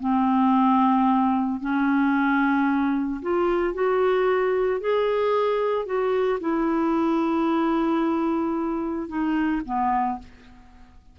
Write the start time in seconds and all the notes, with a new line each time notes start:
0.00 C4
1.61 C#4
3.22 F4
3.74 F#4
4.81 G#4
5.86 F#4
6.41 E4
9.09 D#4
9.66 B3